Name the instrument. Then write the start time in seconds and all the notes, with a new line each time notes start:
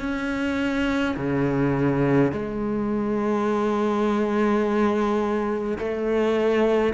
cello
0.00 C#4
1.16 C#3
2.32 G#3
5.78 A3